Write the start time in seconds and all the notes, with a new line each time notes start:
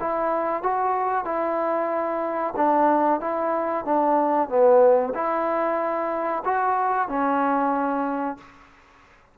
0.00 E4
0.63 F#4
1.25 E4
2.56 D4
3.21 E4
3.85 D4
4.49 B3
5.14 E4
6.45 F#4
7.09 C#4